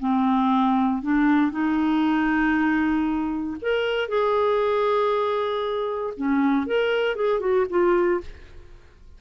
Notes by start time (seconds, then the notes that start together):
0.00 C4
1.03 D4
1.52 D#4
3.62 A#4
4.09 G#4
6.17 C#4
6.67 A#4
7.16 G#4
7.40 F#4
7.70 F4